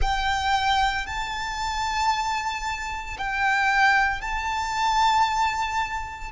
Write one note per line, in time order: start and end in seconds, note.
0.01 1.06 G5
1.06 3.17 A5
3.18 4.21 G5
4.21 6.31 A5